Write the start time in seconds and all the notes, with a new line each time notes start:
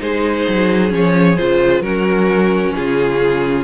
0.00 G#3 D#4 G#4 C5
0.48 F#3
0.89 F3 C#4 C#5
1.37 C#3 F4 C5
1.81 F#3 C#4 F#4 A#4
2.76 C#3 F4 G#4